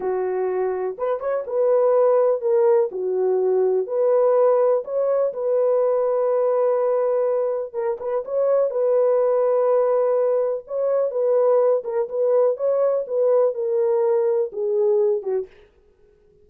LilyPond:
\new Staff \with { instrumentName = "horn" } { \time 4/4 \tempo 4 = 124 fis'2 b'8 cis''8 b'4~ | b'4 ais'4 fis'2 | b'2 cis''4 b'4~ | b'1 |
ais'8 b'8 cis''4 b'2~ | b'2 cis''4 b'4~ | b'8 ais'8 b'4 cis''4 b'4 | ais'2 gis'4. fis'8 | }